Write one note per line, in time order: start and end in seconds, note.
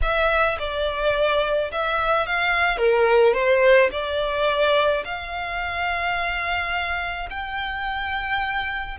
0.02 0.58 E5
0.59 1.71 D5
1.71 2.26 E5
2.26 2.77 F5
2.77 3.33 A#4
3.33 3.89 C5
3.91 5.03 D5
5.04 7.29 F5
7.29 8.98 G5